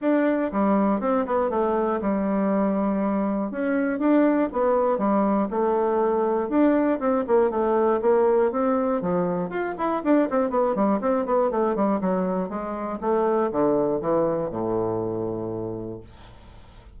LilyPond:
\new Staff \with { instrumentName = "bassoon" } { \time 4/4 \tempo 4 = 120 d'4 g4 c'8 b8 a4 | g2. cis'4 | d'4 b4 g4 a4~ | a4 d'4 c'8 ais8 a4 |
ais4 c'4 f4 f'8 e'8 | d'8 c'8 b8 g8 c'8 b8 a8 g8 | fis4 gis4 a4 d4 | e4 a,2. | }